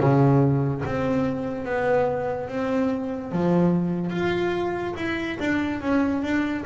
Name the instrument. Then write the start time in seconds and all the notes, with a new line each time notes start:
double bass
0.00 C#3
0.86 C4
1.66 B3
2.49 C4
3.32 F3
4.11 F4
4.97 E4
5.40 D4
5.81 C#4
6.23 D4